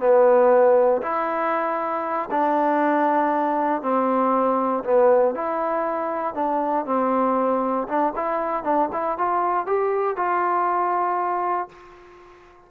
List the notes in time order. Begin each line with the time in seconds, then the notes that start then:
0.00 B3
1.02 E4
2.31 D4
3.82 C4
4.84 B3
5.35 E4
6.35 D4
6.86 C4
7.88 D4
8.16 E4
8.64 D4
8.93 E4
9.18 F4
9.67 G4
10.16 F4